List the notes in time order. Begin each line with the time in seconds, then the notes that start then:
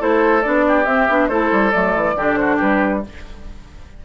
0.00 A3 E4 A4 C5
0.42 B3 D4 D5
0.68 G4
0.86 C4 E5
1.10 B3 D4
1.28 A3 E4 A4 C5
1.52 G3
1.71 F#3 A3 D5
1.96 E3
2.16 D3 D4 G4
2.36 F#4 C5
2.56 G4 B4
2.62 G3